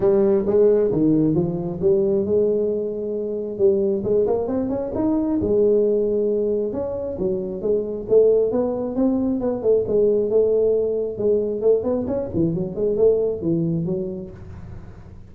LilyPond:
\new Staff \with { instrumentName = "tuba" } { \time 4/4 \tempo 4 = 134 g4 gis4 dis4 f4 | g4 gis2. | g4 gis8 ais8 c'8 cis'8 dis'4 | gis2. cis'4 |
fis4 gis4 a4 b4 | c'4 b8 a8 gis4 a4~ | a4 gis4 a8 b8 cis'8 e8 | fis8 gis8 a4 e4 fis4 | }